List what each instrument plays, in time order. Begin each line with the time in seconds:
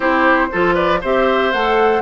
0.00 bassoon C4, clarinet E4, oboe G4, flute C5
0.52 bassoon F3, clarinet F4, oboe A4
0.74 oboe B4, flute D5
1.01 bassoon C4, clarinet G4, oboe C5, flute E5
1.52 bassoon A3, clarinet A4, flute F#5